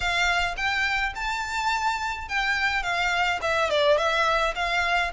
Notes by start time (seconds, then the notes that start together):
0.00 F5
0.56 G5
1.15 A5
2.28 G5
2.83 F5
3.41 E5
3.69 D5
3.97 E5
4.55 F5